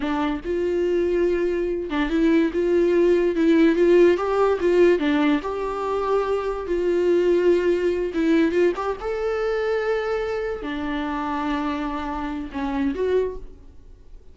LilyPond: \new Staff \with { instrumentName = "viola" } { \time 4/4 \tempo 4 = 144 d'4 f'2.~ | f'8 d'8 e'4 f'2 | e'4 f'4 g'4 f'4 | d'4 g'2. |
f'2.~ f'8 e'8~ | e'8 f'8 g'8 a'2~ a'8~ | a'4. d'2~ d'8~ | d'2 cis'4 fis'4 | }